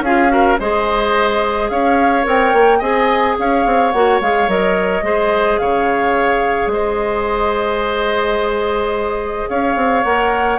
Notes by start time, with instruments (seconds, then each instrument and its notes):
0.00 bassoon C#4, clarinet F4, oboe G#4, flute F5
0.29 clarinet F#4, oboe A#4
0.60 bassoon G#3, clarinet G#4, oboe C5, flute D#5
1.69 bassoon C#4, oboe C#5, flute F5
2.23 bassoon C4, clarinet A#4, flute G5
2.53 bassoon A#3
2.79 bassoon C4, clarinet G#4, oboe D#5, flute G#5
3.39 bassoon C#4, oboe C#5, flute F5
3.66 bassoon C4
3.92 bassoon A#3, clarinet F#4, flute F#5
4.20 bassoon G#3, clarinet G#4, flute F5
4.48 bassoon F#3, clarinet A#4, flute D#5
5.02 bassoon G#3, clarinet G#4, oboe C5
5.58 bassoon C#3, oboe C#5, flute F5
6.67 bassoon G#3
6.73 oboe C5, flute D#5
9.49 bassoon C#4, oboe C#5, flute F5
9.76 bassoon C4
10.04 bassoon A#3, clarinet A#4, flute F#5